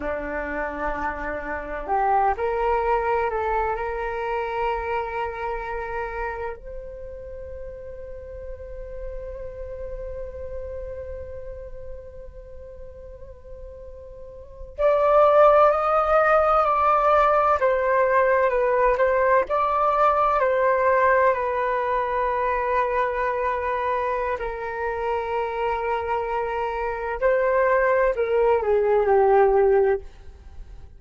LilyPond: \new Staff \with { instrumentName = "flute" } { \time 4/4 \tempo 4 = 64 d'2 g'8 ais'4 a'8 | ais'2. c''4~ | c''1~ | c''2.~ c''8. d''16~ |
d''8. dis''4 d''4 c''4 b'16~ | b'16 c''8 d''4 c''4 b'4~ b'16~ | b'2 ais'2~ | ais'4 c''4 ais'8 gis'8 g'4 | }